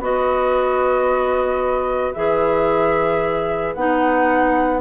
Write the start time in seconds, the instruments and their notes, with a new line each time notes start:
0.00 bassoon B3, clarinet F#4, oboe B4, flute D#5
2.14 bassoon E3, clarinet G#4, flute E5
3.74 bassoon B3, clarinet D#4, flute F#5